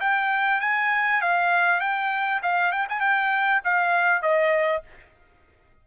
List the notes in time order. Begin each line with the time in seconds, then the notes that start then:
0.00 G5
0.60 G#5
1.21 F5
1.80 G5
2.42 F5
2.72 G5
2.89 G#5
3.00 G5
3.64 F5
4.22 D#5